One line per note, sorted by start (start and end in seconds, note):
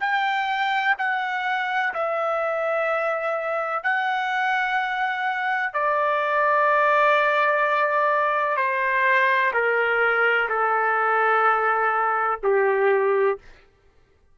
0.00 0.95 G5
0.98 1.94 F#5
1.94 3.83 E5
3.83 5.74 F#5
5.74 8.57 D5
8.57 9.52 C5
9.54 10.49 A#4
10.49 12.39 A4
12.43 13.38 G4